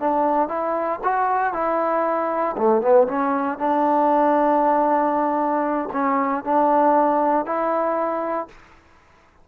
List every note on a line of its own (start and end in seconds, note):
0.00 0.49 D4
0.49 1.00 E4
1.04 1.53 F#4
1.53 2.56 E4
2.57 2.82 A3
2.82 3.07 B3
3.08 3.59 C#4
3.59 5.90 D4
5.93 6.44 C#4
6.44 7.46 D4
7.46 8.48 E4